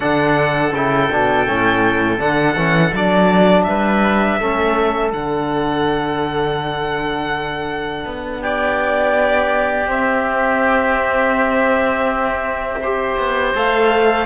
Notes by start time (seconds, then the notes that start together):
0.00 D3 D4 A4 F#5
0.72 C#3 E4 G5
1.10 B2 D4
1.46 A2 C#4
2.18 D3 D4 F#5
2.55 E3 C#4
2.93 F#3 D4 D5
3.63 G3 B4 E5
4.39 A3 C#4 A4
5.12 D3 D4 F#5
8.05 B3
8.41 G4 D5
9.86 C4 E5
12.81 G4 C5
13.17 B3
13.54 A3 A4 F5